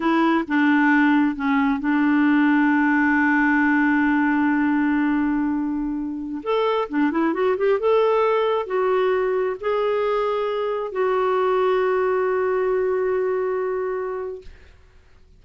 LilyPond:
\new Staff \with { instrumentName = "clarinet" } { \time 4/4 \tempo 4 = 133 e'4 d'2 cis'4 | d'1~ | d'1~ | d'2~ d'16 a'4 d'8 e'16~ |
e'16 fis'8 g'8 a'2 fis'8.~ | fis'4~ fis'16 gis'2~ gis'8.~ | gis'16 fis'2.~ fis'8.~ | fis'1 | }